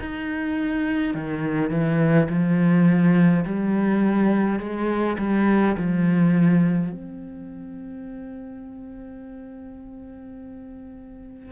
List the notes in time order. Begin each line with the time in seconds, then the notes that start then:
0.00 D#4
1.14 D#3
1.70 E3
2.29 F3
3.45 G3
4.59 G#3
5.18 G3
5.77 F3
6.92 C4